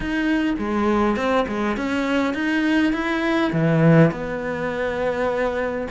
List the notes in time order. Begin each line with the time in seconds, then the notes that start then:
0.00 D#4
0.58 G#3
1.16 C4
1.48 G#3
1.76 C#4
2.34 D#4
2.92 E4
3.52 E3
4.11 B3